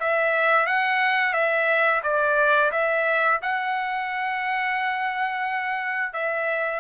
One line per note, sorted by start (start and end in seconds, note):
0.00 0.66 E5
0.66 1.33 F#5
1.33 2.01 E5
2.03 2.71 D5
2.72 3.40 E5
3.42 6.13 F#5
6.13 6.80 E5